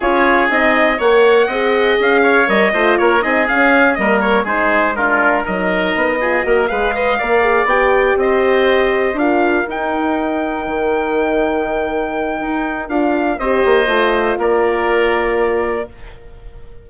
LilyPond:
<<
  \new Staff \with { instrumentName = "trumpet" } { \time 4/4 \tempo 4 = 121 cis''4 dis''4 fis''2 | f''4 dis''4 cis''8 dis''8 f''4 | dis''8 cis''8 c''4 ais'4 dis''4~ | dis''4. f''2 g''8~ |
g''8 dis''2 f''4 g''8~ | g''1~ | g''2 f''4 dis''4~ | dis''4 d''2. | }
  \new Staff \with { instrumentName = "oboe" } { \time 4/4 gis'2 cis''4 dis''4~ | dis''8 cis''4 c''8 ais'8 gis'4. | ais'4 gis'4 f'4 ais'4~ | ais'8 gis'8 ais'8 b'8 dis''8 d''4.~ |
d''8 c''2 ais'4.~ | ais'1~ | ais'2. c''4~ | c''4 ais'2. | }
  \new Staff \with { instrumentName = "horn" } { \time 4/4 f'4 dis'4 ais'4 gis'4~ | gis'4 ais'8 f'4 dis'8 cis'4 | ais4 dis'4 d'4 dis'4~ | dis'8 f'8 fis'8 gis'8 b'8 ais'8 gis'8 g'8~ |
g'2~ g'8 f'4 dis'8~ | dis'1~ | dis'2 f'4 g'4 | f'1 | }
  \new Staff \with { instrumentName = "bassoon" } { \time 4/4 cis'4 c'4 ais4 c'4 | cis'4 g8 a8 ais8 c'8 cis'4 | g4 gis2 fis4 | b4 ais8 gis4 ais4 b8~ |
b8 c'2 d'4 dis'8~ | dis'4. dis2~ dis8~ | dis4 dis'4 d'4 c'8 ais8 | a4 ais2. | }
>>